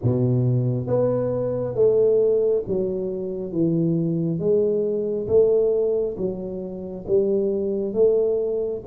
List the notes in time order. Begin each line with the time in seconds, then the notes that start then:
0.02 B2
0.86 B3
1.74 A3
2.67 F#3
3.51 E3
4.39 G#3
5.27 A3
6.17 F#3
7.07 G3
7.93 A3